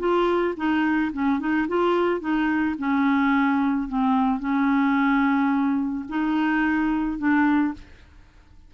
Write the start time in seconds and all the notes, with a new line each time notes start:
0.00 F4
0.57 D#4
1.13 C#4
1.40 D#4
1.69 F4
2.21 D#4
2.79 C#4
3.89 C4
4.40 C#4
6.09 D#4
7.19 D4